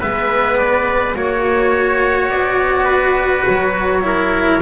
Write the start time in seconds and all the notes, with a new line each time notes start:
0.00 G#3 B3 B4 E5
0.57 D5
1.14 A#3 F#4 C#5
2.29 B3 D5
2.84 B4
3.46 F#3 C#5
4.02 E4 A#4